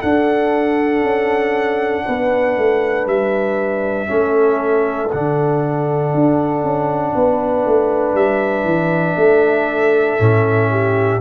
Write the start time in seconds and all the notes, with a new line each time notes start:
0.00 D4 A4 F#5
1.02 C#4
2.04 B3 B4
2.57 A3
3.06 G3 E5
4.07 A3 C#4 A4
5.10 D3 D4 F#5
6.14 D4
6.63 C#4
7.15 B3 B4
7.65 A3
8.14 G3 E5
8.64 E3
9.16 A3 A4
10.19 A2 C#4
10.70 G4